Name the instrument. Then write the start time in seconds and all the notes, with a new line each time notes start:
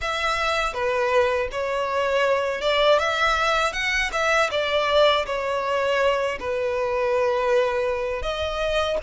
violin
0.01 E5
0.73 B4
1.51 C#5
2.61 D5
2.98 E5
3.73 F#5
4.12 E5
4.50 D5
5.25 C#5
6.39 B4
8.22 D#5